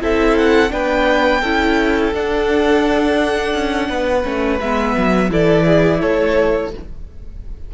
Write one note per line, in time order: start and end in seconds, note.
0.00 0.72 C4
0.00 0.69 E4
0.00 0.72 A4
0.00 0.38 E5
0.38 0.72 F#5
0.69 1.42 B3
0.69 1.40 D4
0.69 1.41 B4
0.69 2.14 G5
1.41 2.13 C#4
1.41 2.14 E4
1.41 3.88 A4
2.13 3.54 D4
2.13 4.24 D4
2.13 4.60 F#5
3.54 3.89 C#4
3.89 4.24 B3
3.89 5.30 B4
4.24 4.60 A3
4.24 4.59 C#4
4.60 4.96 G#3
4.60 5.30 B3
4.60 5.31 E5
4.98 5.31 F#3
5.30 6.01 E3
5.30 6.71 E4
5.30 5.66 A4
5.30 6.01 D5
5.66 6.00 G#4
6.00 6.74 A3
6.00 6.71 A4
6.00 6.72 C#5